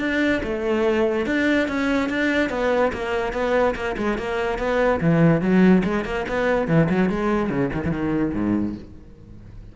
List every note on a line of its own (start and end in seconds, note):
0.00 0.42 D4
0.43 1.26 A3
1.26 1.68 D4
1.68 2.09 C#4
2.09 2.50 D4
2.50 2.92 B3
2.93 3.33 A#3
3.33 3.75 B3
3.75 3.96 A#3
3.97 4.18 G#3
4.18 4.59 A#3
4.59 5.00 B3
5.01 5.41 E3
5.41 5.83 F#3
5.84 6.05 G#3
6.05 6.26 A#3
6.29 6.68 B3
6.68 6.89 E3
6.90 7.10 F#3
7.10 7.50 G#3
7.50 7.71 C#3
7.74 7.84 D#3
7.85 7.91 E3
7.91 8.33 D#3
8.34 8.75 G#2